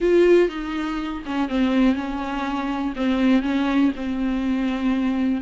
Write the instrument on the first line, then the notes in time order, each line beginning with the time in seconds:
viola
0.00 F4
0.49 D#4
1.25 C#4
1.48 C4
1.95 C#4
2.96 C4
3.42 C#4
3.96 C4